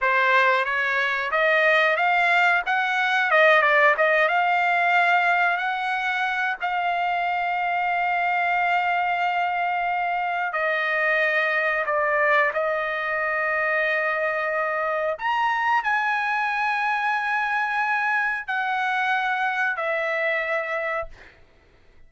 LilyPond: \new Staff \with { instrumentName = "trumpet" } { \time 4/4 \tempo 4 = 91 c''4 cis''4 dis''4 f''4 | fis''4 dis''8 d''8 dis''8 f''4.~ | f''8 fis''4. f''2~ | f''1 |
dis''2 d''4 dis''4~ | dis''2. ais''4 | gis''1 | fis''2 e''2 | }